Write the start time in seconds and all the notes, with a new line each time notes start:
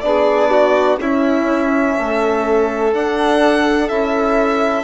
0.00 B3 D4 D5
0.06 G#4
0.50 F#4
0.97 C#4 E4 E5
1.97 A3 A4
2.93 D4 F#5
3.88 C#4 E4 E5